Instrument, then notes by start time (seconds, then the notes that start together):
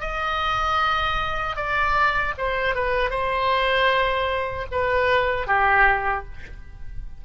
oboe
0.00 D#5
1.56 D5
2.38 C5
2.75 B4
3.10 C5
4.71 B4
5.47 G4